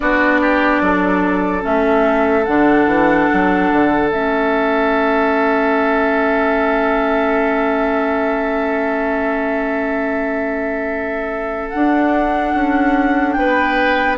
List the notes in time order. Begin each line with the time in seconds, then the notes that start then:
0.00 B3 D4 F#4 D5
0.41 G4
0.81 F#3 A4
1.61 A3 C#4 E5
2.44 D3 D4 F#5
2.86 E3
3.33 F#3
3.71 D3
4.11 A3 C#4 E5
11.69 D4 F#5
12.54 C#4
13.33 B3 B4 G5